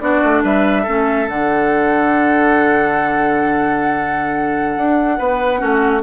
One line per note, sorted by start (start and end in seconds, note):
0.00 0.22 B3
0.00 0.86 D4
0.00 0.43 F#4
0.00 0.42 D5
0.23 0.44 A3
0.43 0.86 G3
0.43 0.83 B4
0.43 1.29 E5
0.83 1.28 A3
0.83 1.27 C#4
0.83 5.16 A4
1.27 4.77 D3
1.27 5.59 D4
1.27 6.03 F#5
4.77 5.19 D4
5.18 5.62 B3
5.18 5.60 B4
5.59 6.03 A3
5.59 6.01 C#4
5.59 6.03 F#4